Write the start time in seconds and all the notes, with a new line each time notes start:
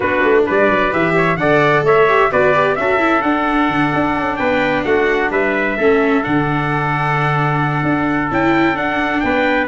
0.00 B3 D4 F#4 B4
0.22 A3
0.46 G3 B4 D5
0.69 F#3
0.91 E3 G4 E5
1.16 C#5
1.36 D3 A4 D5 F#5
1.82 A3 C#5 E5
2.07 G4
2.31 B3 F#4 B4 D5
2.54 G4
2.75 C#4 F#4 A4 E5
2.98 E4
3.21 D4 F#5
3.68 D3
3.94 D4
4.16 C#4
4.36 B3 B4 G5
4.84 A3 F#4 F#5
5.30 G3 B4 E5
5.77 A3 C#4 A4
6.23 D3 D4 F#5
7.82 D4
8.30 C#4 E4 G5
8.75 D4 F#5
9.20 B3 B4 G5